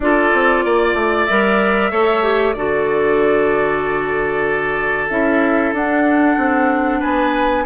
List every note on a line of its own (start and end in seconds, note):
0.00 0.31 D4
0.00 1.29 F4
0.00 0.64 A4
0.00 1.25 D5
0.33 0.64 C4
0.64 0.94 A#3
0.64 1.90 D5
0.94 1.26 A3
1.25 1.91 G3
1.25 1.91 A#4
1.25 2.53 E5
1.90 2.54 A3
1.90 2.22 A4
1.90 2.54 C#5
2.22 2.54 G4
2.53 5.09 D3
2.53 5.10 F#4
2.53 6.99 A4
2.53 5.08 D5
5.09 5.72 C#4
5.09 5.74 E4
5.09 5.73 E5
5.72 6.36 D4
5.72 7.66 D4
5.72 7.01 F#5
6.37 7.01 C4
6.99 7.66 B3
6.99 7.63 B4
6.99 7.65 G#5